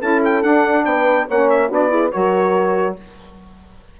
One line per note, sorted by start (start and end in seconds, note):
0.00 0.44 C#4
0.00 0.43 E4
0.00 0.85 A4
0.00 0.23 A5
0.25 0.43 G5
0.43 1.28 D4
0.43 0.85 D4
0.43 0.85 F#5
0.85 1.27 B3
0.85 1.28 B4
0.85 1.27 G5
1.28 1.70 A#3
1.28 1.70 C#4
1.28 1.69 C#5
1.28 1.50 F#5
1.50 1.71 E5
1.69 2.12 B3
1.69 1.89 D4
1.69 1.90 F#4
1.69 2.12 D5
1.89 2.10 E4
1.89 2.12 G#4
2.12 3.00 F#3
2.12 2.96 F#4
2.12 2.97 A#4
2.12 2.96 C#5